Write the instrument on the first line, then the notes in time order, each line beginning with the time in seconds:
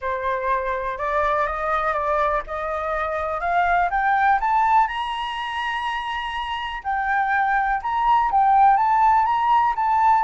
flute
0.01 C5
0.98 D5
1.46 D#5
1.93 D5
2.46 D#5
3.40 F5
3.90 G5
4.40 A5
4.87 A#5
6.83 G5
7.82 A#5
8.31 G5
8.76 A5
9.25 A#5
9.75 A5